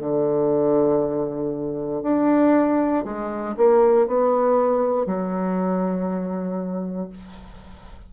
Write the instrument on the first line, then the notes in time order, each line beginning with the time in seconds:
bassoon
0.00 D3
2.03 D4
3.05 G#3
3.57 A#3
4.07 B3
5.06 F#3